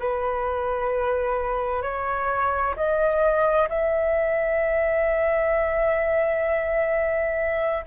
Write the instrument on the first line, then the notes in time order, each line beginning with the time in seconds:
flute
0.00 B4
1.83 C#5
2.76 D#5
3.69 E5